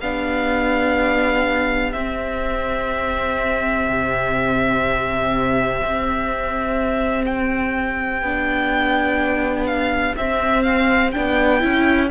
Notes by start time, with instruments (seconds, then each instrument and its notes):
0.00 cello B3, viola D4, violin G4 F5
1.92 cello C4, viola C4, violin E5
3.88 cello C3
5.83 cello C4
7.25 violin G5
8.22 cello B3, viola D4
9.66 violin F5
10.16 cello C4, viola C4, violin E5
10.62 violin F5
11.11 cello B3, viola D4, violin G5
11.60 cello C#4, viola E4